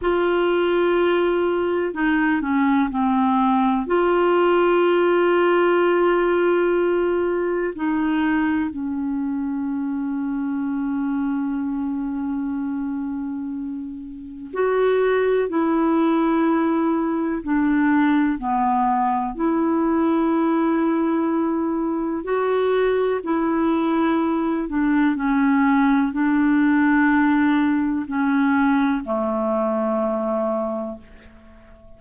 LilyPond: \new Staff \with { instrumentName = "clarinet" } { \time 4/4 \tempo 4 = 62 f'2 dis'8 cis'8 c'4 | f'1 | dis'4 cis'2.~ | cis'2. fis'4 |
e'2 d'4 b4 | e'2. fis'4 | e'4. d'8 cis'4 d'4~ | d'4 cis'4 a2 | }